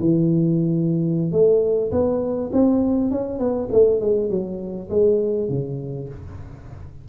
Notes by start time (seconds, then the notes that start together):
0.00 E3
1.32 A3
1.91 B3
2.53 C4
3.11 C#4
3.39 B3
3.73 A3
4.01 G#3
4.30 F#3
4.90 G#3
5.49 C#3